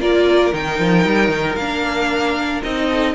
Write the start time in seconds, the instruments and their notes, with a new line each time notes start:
0.00 cello A#3, viola F4, violin A#4 D5
0.52 cello D#3, viola D#4, violin G5
0.79 cello F3
1.06 cello G3
1.29 cello D#3
1.56 cello A#3, viola D4, violin F5
2.63 cello C4, viola D#4, violin D#5
2.89 violin A4